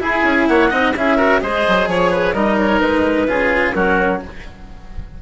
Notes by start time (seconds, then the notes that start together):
0.00 E4 G#4 G#5
0.24 C#4
0.48 A#3 C#5 F#5
0.70 C4 D#4 D#5
0.96 C#4 E4 G#4 E5
1.17 F#4 A#4
1.41 G#3 G#4 C5 D#5
1.68 F#3
1.88 F3 C#5
2.11 B4
2.34 G3 D#4 A#4 D#5
2.59 C#5
2.80 G#3 B4
3.28 C#3 F4 G#4
3.73 F#3 C#4 F#4 A#4